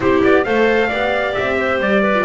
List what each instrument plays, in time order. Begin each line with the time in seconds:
0.00 double bass C4, viola E4, clarinet G4, trumpet C5
0.23 double bass B3, trumpet D5
0.44 double bass A3, viola A4, clarinet C5, trumpet F5
0.88 double bass B3, viola G4, clarinet D5
1.34 double bass C4, trumpet E5
1.58 clarinet C5
1.79 double bass G3, trumpet D5
2.02 clarinet B4
2.14 viola F4